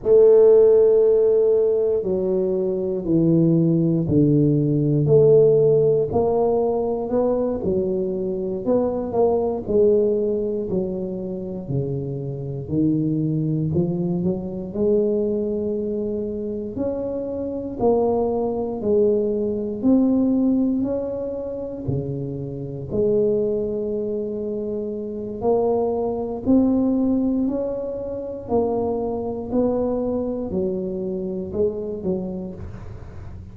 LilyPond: \new Staff \with { instrumentName = "tuba" } { \time 4/4 \tempo 4 = 59 a2 fis4 e4 | d4 a4 ais4 b8 fis8~ | fis8 b8 ais8 gis4 fis4 cis8~ | cis8 dis4 f8 fis8 gis4.~ |
gis8 cis'4 ais4 gis4 c'8~ | c'8 cis'4 cis4 gis4.~ | gis4 ais4 c'4 cis'4 | ais4 b4 fis4 gis8 fis8 | }